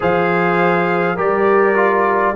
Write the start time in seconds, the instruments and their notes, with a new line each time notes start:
0.00 tuba F3, trombone G#4, horn C5, trumpet F5
1.15 tuba G3, trombone G4, horn A#4, trumpet D5
1.75 trombone F4